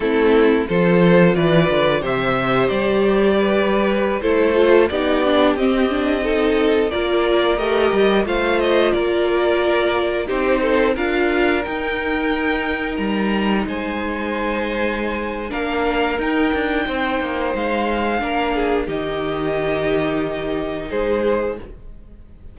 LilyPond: <<
  \new Staff \with { instrumentName = "violin" } { \time 4/4 \tempo 4 = 89 a'4 c''4 d''4 e''4 | d''2~ d''16 c''4 d''8.~ | d''16 dis''2 d''4 dis''8.~ | dis''16 f''8 dis''8 d''2 c''8.~ |
c''16 f''4 g''2 ais''8.~ | ais''16 gis''2~ gis''8. f''4 | g''2 f''2 | dis''2. c''4 | }
  \new Staff \with { instrumentName = "violin" } { \time 4/4 e'4 a'4 b'4 c''4~ | c''4 b'4~ b'16 a'4 g'8.~ | g'4~ g'16 a'4 ais'4.~ ais'16~ | ais'16 c''4 ais'2 g'8 a'16~ |
a'16 ais'2.~ ais'8.~ | ais'16 c''2~ c''8. ais'4~ | ais'4 c''2 ais'8 gis'8 | g'2. gis'4 | }
  \new Staff \with { instrumentName = "viola" } { \time 4/4 c'4 f'2 g'4~ | g'2~ g'16 e'8 f'8 dis'8 d'16~ | d'16 c'8 d'8 dis'4 f'4 g'8.~ | g'16 f'2. dis'8.~ |
dis'16 f'4 dis'2~ dis'8.~ | dis'2. d'4 | dis'2. d'4 | dis'1 | }
  \new Staff \with { instrumentName = "cello" } { \time 4/4 a4 f4 e8 d8 c4 | g2~ g16 a4 b8.~ | b16 c'2 ais4 a8 g16~ | g16 a4 ais2 c'8.~ |
c'16 d'4 dis'2 g8.~ | g16 gis2~ gis8. ais4 | dis'8 d'8 c'8 ais8 gis4 ais4 | dis2. gis4 | }
>>